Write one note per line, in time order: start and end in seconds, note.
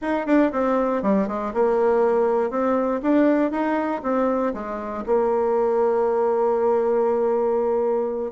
0.01 0.26 D#4
0.26 0.51 D4
0.52 1.02 C4
1.02 1.27 G3
1.27 1.52 G#3
1.53 2.50 A#3
2.50 3.00 C4
3.02 3.51 D4
3.51 4.01 D#4
4.02 4.53 C4
4.53 5.04 G#3
5.06 8.31 A#3